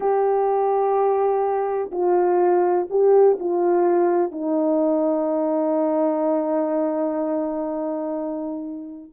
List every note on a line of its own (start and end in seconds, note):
0.00 1.90 G4
1.91 2.87 F4
2.89 3.37 G4
3.39 4.31 F4
4.31 9.11 D#4